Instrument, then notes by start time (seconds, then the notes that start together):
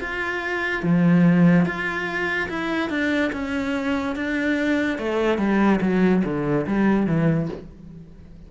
cello
0.00 F4
0.83 F3
1.66 F4
2.49 E4
2.89 D4
3.32 C#4
4.16 D4
4.98 A3
5.38 G3
5.81 F#3
6.24 D3
6.67 G3
7.06 E3